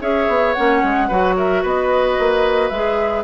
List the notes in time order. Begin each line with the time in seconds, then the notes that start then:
0.00 C#4 G#4 C#5 E5
0.27 B3
0.53 A#3 C#4 F#5
0.83 G#3
1.07 F#3 F#4 B4
1.36 A#4 E5
1.62 B3 B4 D#5
2.19 A#3
2.68 G#3 G#4 E5